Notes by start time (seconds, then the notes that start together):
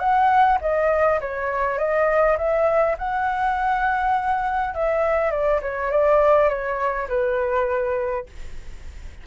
0.00 F#5
0.61 D#5
1.21 C#5
1.79 D#5
2.38 E5
2.98 F#5
4.75 E5
5.32 D5
5.62 C#5
5.91 D5
6.49 C#5
7.09 B4